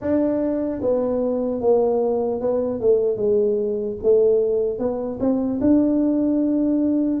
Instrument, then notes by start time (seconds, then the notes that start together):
tuba
0.01 D4
0.81 B3
1.60 A#3
2.40 B3
2.80 A3
3.16 G#3
4.03 A3
4.79 B3
5.20 C4
5.60 D4